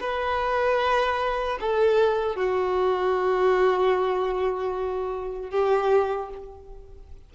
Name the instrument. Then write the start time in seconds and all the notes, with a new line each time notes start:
violin
0.00 B4
1.60 A4
2.36 F#4
5.50 G4